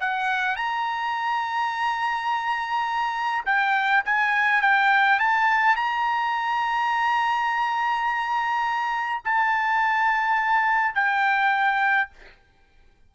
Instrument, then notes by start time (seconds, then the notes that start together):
trumpet
0.00 F#5
0.56 A#5
3.46 G5
4.05 G#5
4.62 G5
5.19 A5
5.76 A#5
9.25 A5
10.95 G5